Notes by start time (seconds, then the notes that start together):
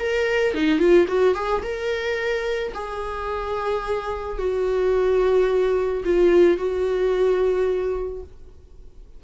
0.00 A#4
0.55 D#4
0.79 F4
1.08 F#4
1.35 G#4
1.63 A#4
2.74 G#4
4.38 F#4
6.05 F4
6.58 F#4